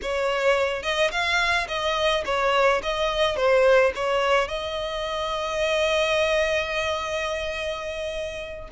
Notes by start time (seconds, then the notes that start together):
0.02 C#5
0.82 D#5
1.11 F5
1.67 D#5
2.25 C#5
2.82 D#5
3.36 C5
3.95 C#5
4.48 D#5